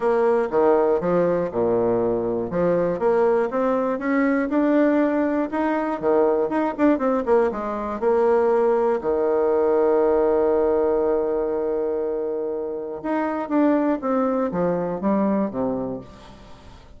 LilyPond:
\new Staff \with { instrumentName = "bassoon" } { \time 4/4 \tempo 4 = 120 ais4 dis4 f4 ais,4~ | ais,4 f4 ais4 c'4 | cis'4 d'2 dis'4 | dis4 dis'8 d'8 c'8 ais8 gis4 |
ais2 dis2~ | dis1~ | dis2 dis'4 d'4 | c'4 f4 g4 c4 | }